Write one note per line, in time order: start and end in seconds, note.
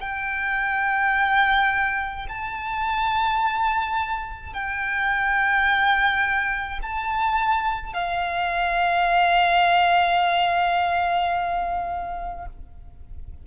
0.00 2.26 G5
2.28 4.53 A5
4.53 6.80 G5
6.82 7.93 A5
7.93 12.46 F5